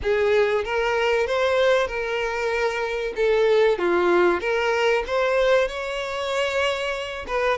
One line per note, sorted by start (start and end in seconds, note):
0.02 0.64 G#4
0.64 1.26 A#4
1.26 1.87 C5
1.87 3.13 A#4
3.16 3.78 A4
3.78 4.40 F4
4.40 5.03 A#4
5.06 5.68 C5
5.68 7.25 C#5
7.27 7.58 B4